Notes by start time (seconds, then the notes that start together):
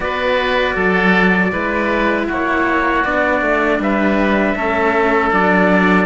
0.00 B3 F#4 B4 D5
0.75 F#3 A4
1.52 G#3 E4 B4
2.27 A#3 F#4 C#5
3.04 B3 D4 D5
3.41 A3
3.79 G3 B4 E5
4.55 A3 C#4 A4
5.30 F#3 D4 D5